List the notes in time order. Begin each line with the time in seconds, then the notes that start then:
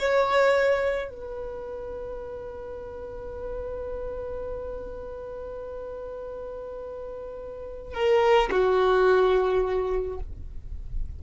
0.00 C#5
1.10 B4
7.94 A#4
8.51 F#4